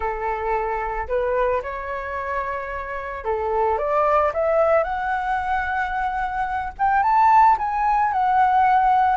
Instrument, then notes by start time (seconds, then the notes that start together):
flute
0.00 A4
1.08 B4
1.62 C#5
3.24 A4
3.78 D5
4.33 E5
4.83 F#5
6.78 G5
7.02 A5
7.58 G#5
8.12 F#5